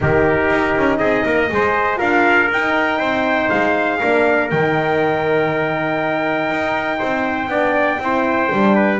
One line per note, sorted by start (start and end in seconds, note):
0.00 0.50 D#3
0.00 1.48 D#4
0.00 0.99 G4
0.00 0.97 A#4
0.50 0.75 D#4
0.76 0.99 C#4
0.97 1.24 C4
0.97 1.24 G#4
0.97 1.97 D#5
1.25 1.50 A#3
1.25 1.50 A#4
1.48 2.01 G#3
1.48 1.97 G#4
1.48 1.98 C5
1.97 2.50 D4
1.97 2.47 F4
1.97 2.98 A#4
1.97 2.50 F5
2.50 2.99 D#4
2.50 4.01 D#4
2.50 3.49 G5
2.98 3.49 C4
2.98 3.98 C5
3.49 4.01 G#3
3.49 4.49 F5
3.99 4.52 A#3
3.99 4.51 D4
3.99 6.98 A#4
4.50 6.50 D#3
4.50 7.49 D#4
4.50 9.00 G5
6.50 7.00 D#4
6.98 7.48 C4
6.98 7.48 C5
7.48 7.98 B3
7.48 7.99 D4
7.48 8.00 D5
7.99 8.49 C4
7.99 8.50 E4
7.99 8.75 C5
8.50 9.00 G3
8.50 9.00 D4
8.75 9.00 B4